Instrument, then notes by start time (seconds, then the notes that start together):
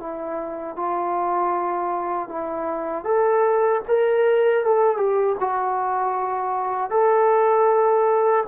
trombone
0.00 E4
0.77 F4
2.29 E4
3.05 A4
3.88 A#4
4.64 A4
4.98 G4
5.40 F#4
6.91 A4